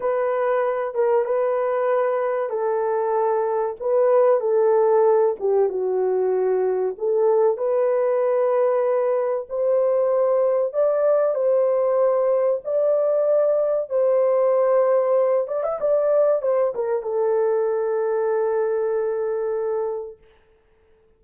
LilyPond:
\new Staff \with { instrumentName = "horn" } { \time 4/4 \tempo 4 = 95 b'4. ais'8 b'2 | a'2 b'4 a'4~ | a'8 g'8 fis'2 a'4 | b'2. c''4~ |
c''4 d''4 c''2 | d''2 c''2~ | c''8 d''16 e''16 d''4 c''8 ais'8 a'4~ | a'1 | }